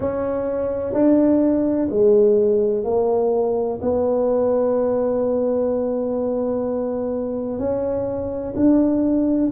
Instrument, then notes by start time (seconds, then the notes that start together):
tuba
0.00 C#4
0.93 D4
1.90 G#3
2.84 A#3
3.81 B3
7.58 C#4
8.56 D4